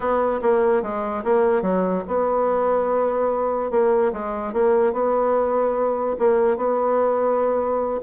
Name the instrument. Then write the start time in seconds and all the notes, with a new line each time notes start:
bassoon
0.00 B3
0.42 A#3
0.82 G#3
1.23 A#3
1.62 F#3
2.07 B3
3.70 A#3
4.12 G#3
4.53 A#3
4.93 B3
6.18 A#3
6.57 B3